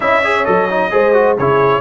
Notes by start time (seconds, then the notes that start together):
0.00 C#4 E4 D#5 E5
0.22 G#4 C#5
0.45 F#3 A4 D#5
0.70 D#4
0.90 G#3 G#4 C5
1.13 F#4
1.36 C#3 E4 G#4 C#5